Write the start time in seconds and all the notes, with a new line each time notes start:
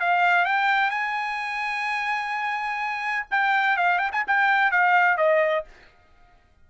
0.00 F5
0.45 G5
0.90 G#5
3.30 G5
3.77 F5
3.98 G5
4.12 G#5
4.27 G5
4.71 F5
5.17 D#5